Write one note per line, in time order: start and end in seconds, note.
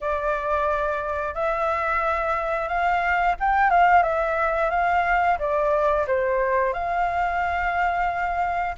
0.00 1.34 D5
1.34 2.68 E5
2.68 3.35 F5
3.40 3.70 G5
3.70 4.02 F5
4.02 4.70 E5
4.70 5.37 F5
5.38 6.06 D5
6.07 6.73 C5
6.73 8.75 F5